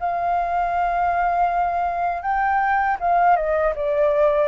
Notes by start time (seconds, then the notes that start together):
0.00 F5
2.22 G5
3.00 F5
3.36 D#5
3.75 D5